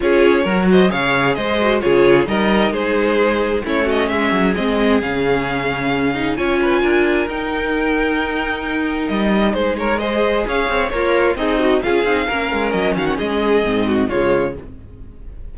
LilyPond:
<<
  \new Staff \with { instrumentName = "violin" } { \time 4/4 \tempo 4 = 132 cis''4. dis''8 f''4 dis''4 | cis''4 dis''4 c''2 | cis''8 dis''8 e''4 dis''4 f''4~ | f''2 gis''2 |
g''1 | dis''4 c''8 cis''8 dis''4 f''4 | cis''4 dis''4 f''2 | dis''8 f''16 fis''16 dis''2 cis''4 | }
  \new Staff \with { instrumentName = "violin" } { \time 4/4 gis'4 ais'8 c''8 cis''4 c''4 | gis'4 ais'4 gis'2 | e'8 fis'8 gis'2.~ | gis'2 cis''8 b'8 ais'4~ |
ais'1~ | ais'4 gis'8 ais'8 c''4 cis''4 | f'4 dis'4 gis'4 ais'4~ | ais'8 fis'8 gis'4. fis'8 f'4 | }
  \new Staff \with { instrumentName = "viola" } { \time 4/4 f'4 fis'4 gis'4. fis'8 | f'4 dis'2. | cis'2 c'4 cis'4~ | cis'4. dis'8 f'2 |
dis'1~ | dis'2 gis'2 | ais'4 gis'8 fis'8 f'8 dis'8 cis'4~ | cis'2 c'4 gis4 | }
  \new Staff \with { instrumentName = "cello" } { \time 4/4 cis'4 fis4 cis4 gis4 | cis4 g4 gis2 | a4 gis8 fis8 gis4 cis4~ | cis2 cis'4 d'4 |
dis'1 | g4 gis2 cis'8 c'8 | ais4 c'4 cis'8 c'8 ais8 gis8 | fis8 dis8 gis4 gis,4 cis4 | }
>>